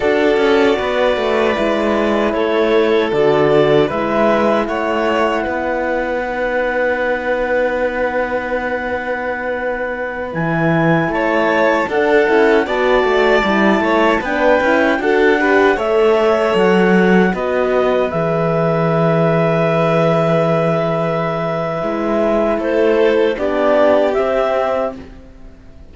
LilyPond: <<
  \new Staff \with { instrumentName = "clarinet" } { \time 4/4 \tempo 4 = 77 d''2. cis''4 | d''4 e''4 fis''2~ | fis''1~ | fis''4~ fis''16 gis''4 a''4 fis''8.~ |
fis''16 a''2 g''4 fis''8.~ | fis''16 e''4 fis''4 dis''4 e''8.~ | e''1~ | e''4 c''4 d''4 e''4 | }
  \new Staff \with { instrumentName = "violin" } { \time 4/4 a'4 b'2 a'4~ | a'4 b'4 cis''4 b'4~ | b'1~ | b'2~ b'16 cis''4 a'8.~ |
a'16 d''4. cis''8 b'4 a'8 b'16~ | b'16 cis''2 b'4.~ b'16~ | b'1~ | b'4 a'4 g'2 | }
  \new Staff \with { instrumentName = "horn" } { \time 4/4 fis'2 e'2 | fis'4 e'2. | dis'1~ | dis'4~ dis'16 e'2 d'8 e'16~ |
e'16 fis'4 e'4 d'8 e'8 fis'8 g'16~ | g'16 a'2 fis'4 gis'8.~ | gis'1 | e'2 d'4 c'4 | }
  \new Staff \with { instrumentName = "cello" } { \time 4/4 d'8 cis'8 b8 a8 gis4 a4 | d4 gis4 a4 b4~ | b1~ | b4~ b16 e4 a4 d'8 cis'16~ |
cis'16 b8 a8 g8 a8 b8 cis'8 d'8.~ | d'16 a4 fis4 b4 e8.~ | e1 | gis4 a4 b4 c'4 | }
>>